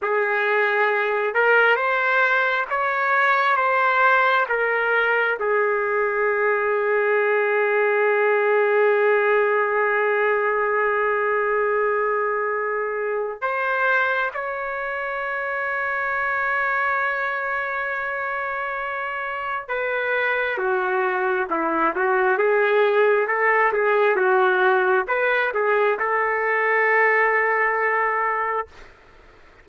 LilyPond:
\new Staff \with { instrumentName = "trumpet" } { \time 4/4 \tempo 4 = 67 gis'4. ais'8 c''4 cis''4 | c''4 ais'4 gis'2~ | gis'1~ | gis'2. c''4 |
cis''1~ | cis''2 b'4 fis'4 | e'8 fis'8 gis'4 a'8 gis'8 fis'4 | b'8 gis'8 a'2. | }